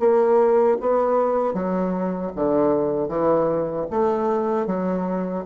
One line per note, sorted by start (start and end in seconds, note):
0.00 0.78 A#3
0.81 1.54 B3
1.54 2.32 F#3
2.36 3.09 D3
3.09 3.86 E3
3.91 4.67 A3
4.67 5.45 F#3